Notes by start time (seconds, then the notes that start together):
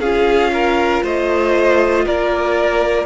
0.00 C#4 F4 G#4 F5
0.53 A#4
1.03 A3 C5 D#5
2.05 A#3 A#4 D5